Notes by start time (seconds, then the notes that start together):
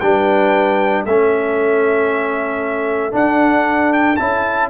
0.00 G3 D4 G5
0.06 B4
1.05 A3 C#4 A4 E5
3.11 D4 F#5
3.93 G5
4.16 C#4 E4 A5